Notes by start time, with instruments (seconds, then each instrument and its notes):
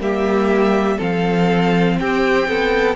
0.00 cello G3, viola A#3, violin G4 E5
0.97 cello F3, viola C4, violin A4 F5
1.99 cello C4, violin G4 G5
2.48 cello B3, violin A4